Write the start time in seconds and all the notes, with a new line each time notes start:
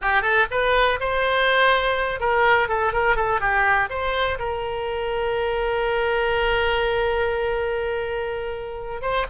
0.01 G4
0.22 A4
0.50 B4
1.00 C5
2.20 A#4
2.68 A4
2.92 A#4
3.16 A4
3.40 G4
3.89 C5
4.38 A#4
9.01 C5